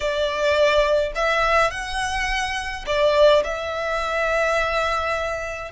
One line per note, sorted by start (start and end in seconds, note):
0.00 1.12 D5
1.15 1.70 E5
1.70 2.85 F#5
2.86 3.43 D5
3.43 5.71 E5